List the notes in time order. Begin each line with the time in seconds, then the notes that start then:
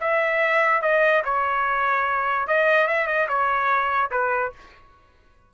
0.00 E5
0.81 D#5
1.24 C#5
2.47 D#5
2.87 E5
3.07 D#5
3.28 C#5
4.11 B4